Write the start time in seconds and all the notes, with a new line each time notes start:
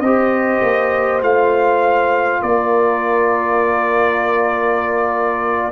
0.00 C4 G4 C5 D#5
0.62 A#3
1.22 A3 F4 F5
2.42 A#3 A#4 D5